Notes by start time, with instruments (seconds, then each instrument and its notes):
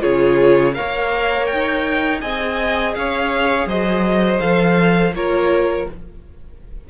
0.00 cello C#3, viola F4, violin G#4 C#5
0.73 viola A#4, violin C#5 F5
0.80 cello A#3
1.46 violin G5
1.52 cello D#4
2.21 cello C4, viola G#4, violin D#5 G#5
2.95 cello C#4, violin C#5 F5
3.66 cello F#3, violin C5 D#5
4.40 cello F3, viola A4, violin F5
5.13 cello A#3, viola F4, violin A#4 C#5